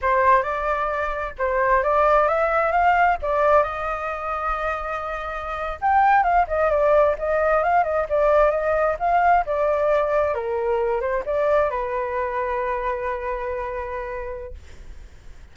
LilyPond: \new Staff \with { instrumentName = "flute" } { \time 4/4 \tempo 4 = 132 c''4 d''2 c''4 | d''4 e''4 f''4 d''4 | dis''1~ | dis''8. g''4 f''8 dis''8 d''4 dis''16~ |
dis''8. f''8 dis''8 d''4 dis''4 f''16~ | f''8. d''2 ais'4~ ais'16~ | ais'16 c''8 d''4 b'2~ b'16~ | b'1 | }